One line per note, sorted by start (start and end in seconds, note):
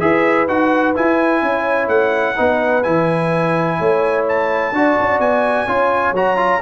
0.00 0.48 E4
0.00 0.48 G#4
0.00 1.43 B4
0.00 0.47 E5
0.48 0.96 D#4
0.48 0.95 F#4
0.48 0.95 F#5
0.95 2.36 E4
0.95 1.42 E4
0.95 1.89 G#5
1.42 1.88 C#4
1.42 2.37 C#5
1.88 2.35 A3
1.88 2.83 F#5
2.36 2.86 B3
2.36 2.83 D#4
2.36 3.79 B4
2.83 3.80 E3
2.83 4.74 E4
2.83 4.25 G#5
3.79 4.72 A3
3.79 4.73 C#5
4.29 5.21 A5
4.72 4.96 D4
4.72 5.68 F#4
4.72 5.68 D5
5.00 5.19 C#4
5.19 5.67 B3
5.19 6.15 G#5
5.67 6.12 C#4
5.67 6.15 F4
5.67 6.62 C#5
6.12 6.60 F#3
6.12 6.37 F#4
6.12 6.62 A#5
6.37 6.61 F4